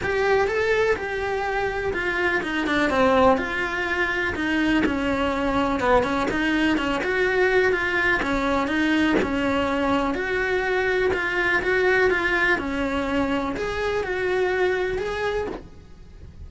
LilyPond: \new Staff \with { instrumentName = "cello" } { \time 4/4 \tempo 4 = 124 g'4 a'4 g'2 | f'4 dis'8 d'8 c'4 f'4~ | f'4 dis'4 cis'2 | b8 cis'8 dis'4 cis'8 fis'4. |
f'4 cis'4 dis'4 cis'4~ | cis'4 fis'2 f'4 | fis'4 f'4 cis'2 | gis'4 fis'2 gis'4 | }